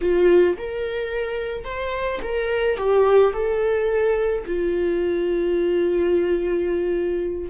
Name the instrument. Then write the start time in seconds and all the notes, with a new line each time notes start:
viola
0.01 F4
0.57 A#4
1.64 C5
2.22 A#4
2.77 G4
3.33 A4
4.46 F4